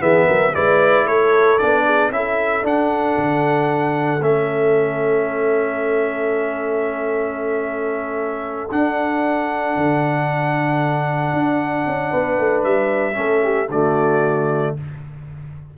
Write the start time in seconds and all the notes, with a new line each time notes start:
0.00 E3 B3 G#4 E5
0.26 F#3 A#4
0.54 G#3 E4 B4 D5
1.05 A3 A4 C#5
1.58 B3 D4 D5
1.85 G#4
2.10 C#4 E4 E5
2.16 A4
2.62 D4 F#5
3.17 D3
4.20 A3 C#4 E5
8.71 D4 F#5
9.76 D3
11.33 D4
11.86 C#4
12.09 B3 B4
12.38 A3
12.63 G3 E5
13.13 A3 C#4 A4
13.43 G4
13.69 D3 A3 F#4 D5